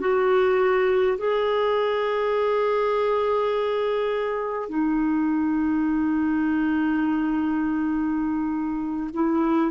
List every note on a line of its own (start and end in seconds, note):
0.00 1.18 F#4
1.18 4.69 G#4
4.69 9.10 D#4
9.13 9.71 E4